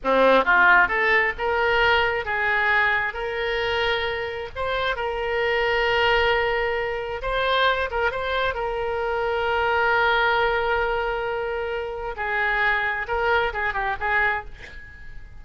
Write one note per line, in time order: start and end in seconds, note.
0.03 0.44 C4
0.44 0.88 F4
0.88 1.33 A4
1.37 2.25 A#4
2.25 3.13 G#4
3.13 4.49 A#4
4.55 4.95 C5
4.95 7.21 A#4
7.22 7.89 C5
7.90 8.11 A#4
8.11 8.54 C5
8.54 12.15 A#4
12.16 13.06 G#4
13.07 13.52 A#4
13.53 13.73 G#4
13.73 13.96 G4
14.00 14.45 G#4